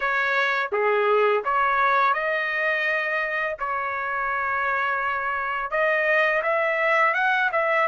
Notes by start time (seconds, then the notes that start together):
0.00 C#5
0.72 G#4
1.44 C#5
2.13 D#5
3.59 C#5
5.70 D#5
6.43 E5
7.14 F#5
7.52 E5